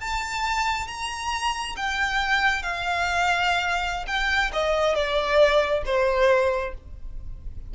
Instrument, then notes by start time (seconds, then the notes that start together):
violin
0.00 A5
0.87 A#5
1.76 G5
2.62 F5
4.07 G5
4.53 D#5
4.95 D5
5.85 C5